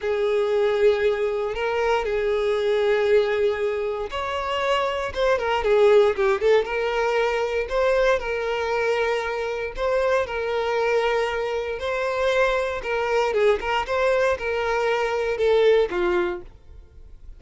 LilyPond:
\new Staff \with { instrumentName = "violin" } { \time 4/4 \tempo 4 = 117 gis'2. ais'4 | gis'1 | cis''2 c''8 ais'8 gis'4 | g'8 a'8 ais'2 c''4 |
ais'2. c''4 | ais'2. c''4~ | c''4 ais'4 gis'8 ais'8 c''4 | ais'2 a'4 f'4 | }